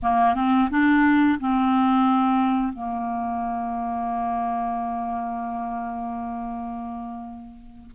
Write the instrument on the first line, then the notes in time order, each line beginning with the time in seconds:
clarinet
0.02 A#3
0.34 C4
0.70 D4
1.39 C4
2.72 A#3